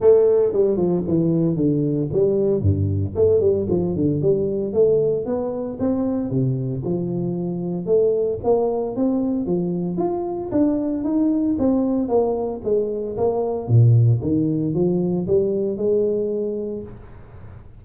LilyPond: \new Staff \with { instrumentName = "tuba" } { \time 4/4 \tempo 4 = 114 a4 g8 f8 e4 d4 | g4 g,4 a8 g8 f8 d8 | g4 a4 b4 c'4 | c4 f2 a4 |
ais4 c'4 f4 f'4 | d'4 dis'4 c'4 ais4 | gis4 ais4 ais,4 dis4 | f4 g4 gis2 | }